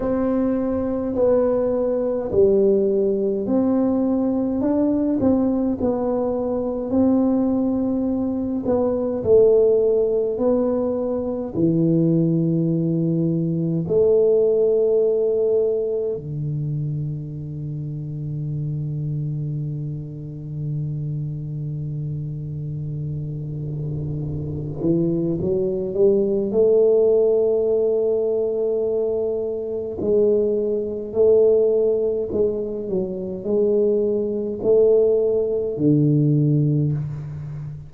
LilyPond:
\new Staff \with { instrumentName = "tuba" } { \time 4/4 \tempo 4 = 52 c'4 b4 g4 c'4 | d'8 c'8 b4 c'4. b8 | a4 b4 e2 | a2 d2~ |
d1~ | d4. e8 fis8 g8 a4~ | a2 gis4 a4 | gis8 fis8 gis4 a4 d4 | }